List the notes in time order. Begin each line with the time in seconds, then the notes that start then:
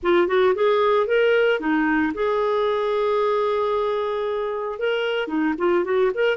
0.03 F4
0.27 F#4
0.55 G#4
1.06 A#4
1.59 D#4
2.14 G#4
4.78 A#4
5.27 D#4
5.58 F4
5.84 F#4
6.14 A#4